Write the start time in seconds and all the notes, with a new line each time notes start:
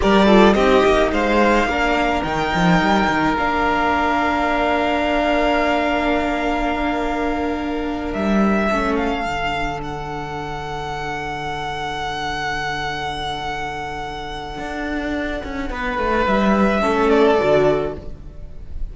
0.00 G3 G4 A#4 D5
0.25 F4 A4
0.53 C4 D#4 G4 D#5
0.85 A#3
1.12 G#3 C5 F5
1.65 A#3 D4 A#4
2.23 D#3 D#4 G5
2.54 F3
2.80 G3
3.09 D#3
3.37 A#3 D4 F5
8.13 G3 E5
8.70 A3 C#4 A4
8.95 F5
9.25 D3 D4
9.83 F#5
14.58 D4
15.43 C#4
15.70 B3 B4
15.97 A3
16.26 G3 E5
16.80 A3 C#4 A4
17.09 D5
17.39 D3 F#4